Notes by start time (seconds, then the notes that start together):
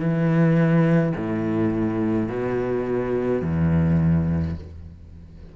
0.00 E3
1.17 A2
2.29 B2
3.42 E2